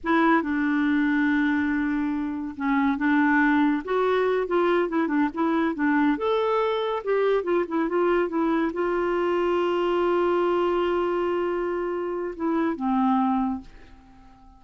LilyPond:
\new Staff \with { instrumentName = "clarinet" } { \time 4/4 \tempo 4 = 141 e'4 d'2.~ | d'2 cis'4 d'4~ | d'4 fis'4. f'4 e'8 | d'8 e'4 d'4 a'4.~ |
a'8 g'4 f'8 e'8 f'4 e'8~ | e'8 f'2.~ f'8~ | f'1~ | f'4 e'4 c'2 | }